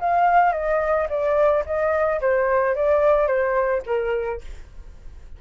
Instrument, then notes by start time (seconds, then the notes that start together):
flute
0.00 F5
0.53 D#5
1.10 D5
1.66 D#5
2.21 C5
2.76 D5
3.28 C5
3.87 A#4